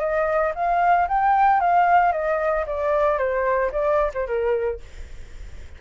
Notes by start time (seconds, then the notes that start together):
0.00 D#5
0.55 F5
1.08 G5
1.60 F5
2.12 D#5
2.67 D5
3.18 C5
3.72 D5
4.14 C5
4.27 A#4